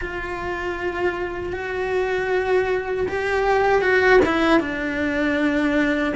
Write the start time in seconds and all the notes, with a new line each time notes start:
0.01 F4
1.52 F#4
3.08 G4
3.81 F#4
4.25 E4
4.59 D4